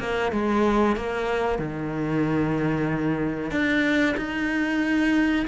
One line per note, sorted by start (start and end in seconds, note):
0.00 0.32 A#3
0.32 0.97 G#3
0.97 1.59 A#3
1.59 3.51 D#3
3.51 4.16 D4
4.18 5.47 D#4